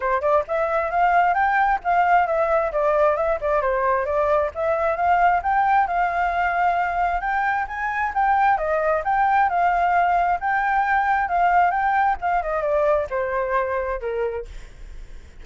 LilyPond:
\new Staff \with { instrumentName = "flute" } { \time 4/4 \tempo 4 = 133 c''8 d''8 e''4 f''4 g''4 | f''4 e''4 d''4 e''8 d''8 | c''4 d''4 e''4 f''4 | g''4 f''2. |
g''4 gis''4 g''4 dis''4 | g''4 f''2 g''4~ | g''4 f''4 g''4 f''8 dis''8 | d''4 c''2 ais'4 | }